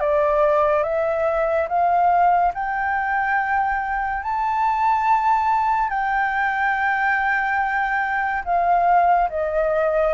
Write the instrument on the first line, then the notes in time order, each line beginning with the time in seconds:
flute
0.00 D5
0.83 E5
1.68 F5
2.54 G5
4.23 A5
5.90 G5
8.45 F5
9.30 D#5